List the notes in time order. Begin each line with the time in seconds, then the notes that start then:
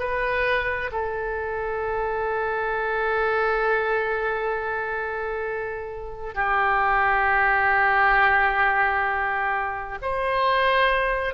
0.00 B4
0.92 A4
6.35 G4
10.02 C5